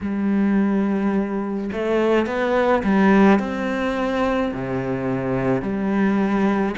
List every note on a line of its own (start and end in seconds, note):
0.00 1.70 G3
1.72 2.26 A3
2.26 2.83 B3
2.83 3.39 G3
3.39 4.52 C4
4.53 5.62 C3
5.62 6.75 G3